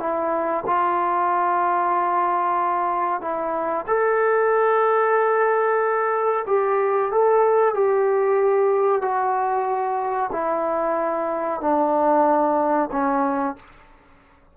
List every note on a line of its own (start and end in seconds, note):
0.00 0.65 E4
0.67 3.22 F4
3.22 3.86 E4
3.88 6.46 A4
6.48 7.12 G4
7.12 7.75 A4
7.75 9.02 G4
9.02 10.31 F#4
10.33 11.61 E4
11.61 12.90 D4
12.92 13.57 C#4